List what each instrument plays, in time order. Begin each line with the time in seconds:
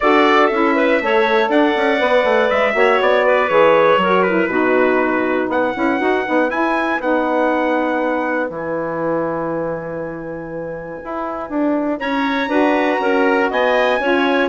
0.00 bassoon D4, saxophone F#4, clarinet A4, trumpet D5
0.47 bassoon C#4, saxophone E4, trumpet E5
0.75 clarinet B4
1.01 bassoon A3, saxophone A4, clarinet C#5
1.49 bassoon D4, clarinet D5, trumpet F#5
1.76 bassoon C#4
1.98 bassoon B3, saxophone B4
2.24 bassoon A3
2.50 bassoon G#3, trumpet E5
2.72 bassoon A#3, saxophone F#4, clarinet C#5
3.00 bassoon B3, trumpet D5
3.25 clarinet B4
3.49 bassoon E3, saxophone G#4, trumpet C#5
3.96 bassoon F#3, clarinet A#4
4.03 saxophone F#4
4.22 saxophone E4, trumpet B4
4.47 bassoon B2, saxophone D#4, clarinet F#4
5.47 bassoon B3, clarinet B4, trumpet F#5
5.75 bassoon C#4, saxophone E4
6.00 bassoon D#4, saxophone F#4
6.25 bassoon B3, saxophone D#4
6.49 bassoon E4, saxophone E4, trumpet G#5
7.00 bassoon B3, saxophone D#4, trumpet F#5
8.49 bassoon E3, saxophone E4, trumpet G#5
11.04 bassoon E4
11.49 bassoon D4
11.99 bassoon C#4, clarinet C#5, trumpet A#5
12.47 bassoon D4, saxophone F#4, clarinet B4
12.99 bassoon C#4, clarinet A#4
13.50 bassoon B3, clarinet D#5, trumpet G#5
13.99 bassoon C#4, saxophone F4, clarinet C#5